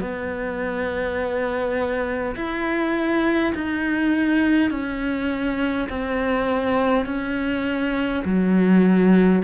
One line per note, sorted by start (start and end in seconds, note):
0.00 2.35 B3
2.36 3.53 E4
3.55 4.71 D#4
4.71 5.88 C#4
5.89 7.06 C4
7.06 8.24 C#4
8.25 9.43 F#3